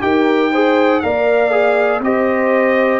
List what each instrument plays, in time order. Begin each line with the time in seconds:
0.00 tuba D#4, trombone G4, horn A#4, trumpet G5
0.51 trombone G#4, horn C5
1.00 tuba A#3, trombone A#4, horn D5, trumpet F5
1.50 trombone G#4
2.00 tuba C4, trombone G4, horn C5, trumpet D#5